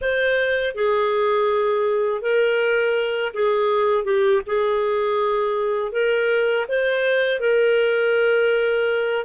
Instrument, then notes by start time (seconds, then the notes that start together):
clarinet
0.01 C5
0.74 G#4
2.21 A#4
3.33 G#4
4.04 G4
4.46 G#4
5.92 A#4
6.68 C5
7.40 A#4